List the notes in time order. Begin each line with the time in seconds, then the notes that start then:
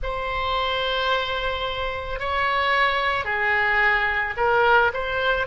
0.02 C5
2.19 C#5
3.24 G#4
4.36 A#4
4.93 C5